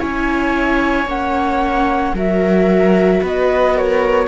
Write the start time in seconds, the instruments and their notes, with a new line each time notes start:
0.00 cello C#4, viola E4 C#5, flute G#5
1.06 cello A#3, viola C#4, flute F#5
2.14 cello F#3, viola F#4 A#4, flute E5
3.23 cello B3, viola B4, flute D#5
3.75 viola A#4, flute C#5